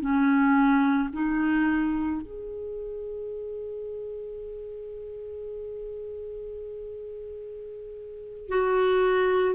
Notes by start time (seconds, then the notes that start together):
0.00 C#4
1.13 D#4
2.22 G#4
8.48 F#4